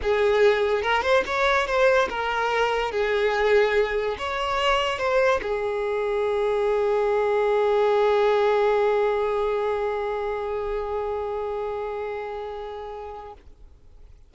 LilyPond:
\new Staff \with { instrumentName = "violin" } { \time 4/4 \tempo 4 = 144 gis'2 ais'8 c''8 cis''4 | c''4 ais'2 gis'4~ | gis'2 cis''2 | c''4 gis'2.~ |
gis'1~ | gis'1~ | gis'1~ | gis'1 | }